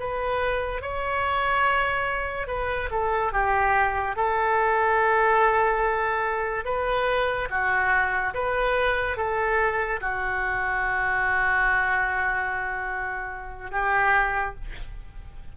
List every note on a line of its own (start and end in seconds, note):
0.00 0.82 B4
0.82 2.48 C#5
2.48 2.89 B4
2.91 3.33 A4
3.33 4.16 G4
4.16 6.66 A4
6.66 7.49 B4
7.51 8.34 F#4
8.34 9.17 B4
9.17 10.01 A4
10.01 13.72 F#4
13.72 14.55 G4